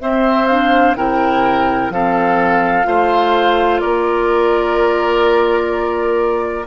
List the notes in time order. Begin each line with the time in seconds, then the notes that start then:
0.00 C4 C5 E5
0.48 D4 F5
0.96 C3 E4 A#4 G5
1.90 F3 C4 A4 F5
2.84 A3 F4 C5
3.80 A#3 A#4 D5